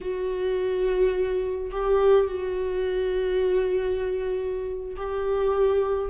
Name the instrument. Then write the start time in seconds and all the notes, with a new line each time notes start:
viola
0.01 F#4
1.71 G4
2.27 F#4
4.96 G4